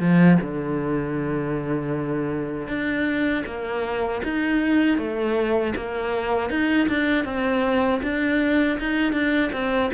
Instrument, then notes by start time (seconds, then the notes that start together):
cello
0.00 F3
0.41 D3
2.68 D4
3.46 A#3
4.24 D#4
4.98 A3
5.76 A#3
6.50 D#4
6.89 D4
7.24 C4
8.03 D4
8.79 D#4
9.12 D4
9.52 C4